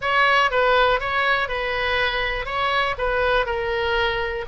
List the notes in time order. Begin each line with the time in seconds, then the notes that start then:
0.01 C#5
0.50 B4
0.99 C#5
1.48 B4
2.45 C#5
2.98 B4
3.46 A#4